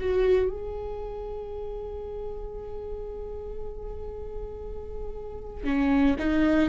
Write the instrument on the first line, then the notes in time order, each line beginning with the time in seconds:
viola
0.00 F#4
0.50 G#4
5.64 C#4
6.19 D#4